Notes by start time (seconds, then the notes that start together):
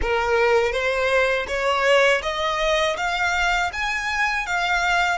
0.01 A#4
0.72 C5
1.47 C#5
2.22 D#5
2.96 F5
3.72 G#5
4.46 F5